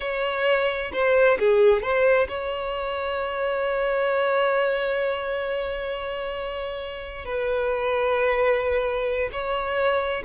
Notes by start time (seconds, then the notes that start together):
0.00 C#5
0.92 C5
1.39 G#4
1.82 C5
2.28 C#5
7.25 B4
9.32 C#5